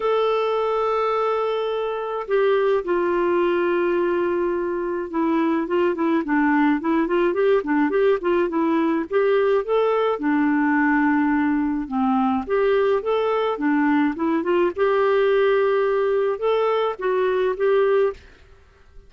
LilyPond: \new Staff \with { instrumentName = "clarinet" } { \time 4/4 \tempo 4 = 106 a'1 | g'4 f'2.~ | f'4 e'4 f'8 e'8 d'4 | e'8 f'8 g'8 d'8 g'8 f'8 e'4 |
g'4 a'4 d'2~ | d'4 c'4 g'4 a'4 | d'4 e'8 f'8 g'2~ | g'4 a'4 fis'4 g'4 | }